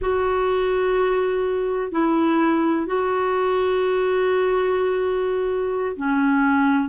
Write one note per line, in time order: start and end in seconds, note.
0.01 1.91 F#4
1.91 2.86 E4
2.86 5.95 F#4
5.96 6.88 C#4